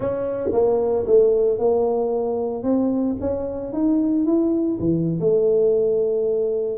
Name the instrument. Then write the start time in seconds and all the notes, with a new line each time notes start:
tuba
0.00 C#4
0.52 A#3
1.06 A3
1.58 A#3
2.63 C4
3.20 C#4
3.73 D#4
4.25 E4
4.79 E3
5.20 A3